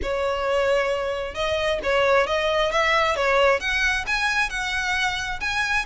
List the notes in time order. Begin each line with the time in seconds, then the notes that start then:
0.02 C#5
1.34 D#5
1.83 C#5
2.27 D#5
2.71 E5
3.16 C#5
3.60 F#5
4.06 G#5
4.49 F#5
5.40 G#5